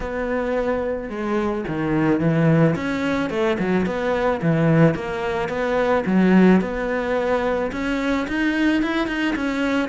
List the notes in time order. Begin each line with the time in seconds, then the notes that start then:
0.00 B3
1.09 G#3
1.67 D#3
2.20 E3
2.75 C#4
3.30 A3
3.59 F#3
3.85 B3
4.42 E3
4.94 A#3
5.48 B3
6.06 F#3
6.61 B3
7.72 C#4
8.27 D#4
8.82 E4
9.07 D#4
9.35 C#4